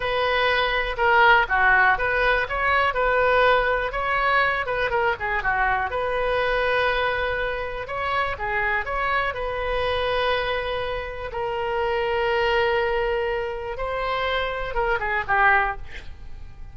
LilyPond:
\new Staff \with { instrumentName = "oboe" } { \time 4/4 \tempo 4 = 122 b'2 ais'4 fis'4 | b'4 cis''4 b'2 | cis''4. b'8 ais'8 gis'8 fis'4 | b'1 |
cis''4 gis'4 cis''4 b'4~ | b'2. ais'4~ | ais'1 | c''2 ais'8 gis'8 g'4 | }